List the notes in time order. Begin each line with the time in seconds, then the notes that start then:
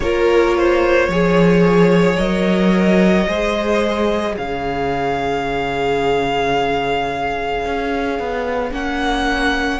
0.00 A#3 F4 A#4 C#5
0.57 C5
1.07 F3 G#4 C#5
2.16 F#3 A#4 D#5
3.27 G#3 G#4 C5
4.34 C#3 C#5 F5
7.65 C#4
8.19 B3
8.70 A#3 C#4 F#5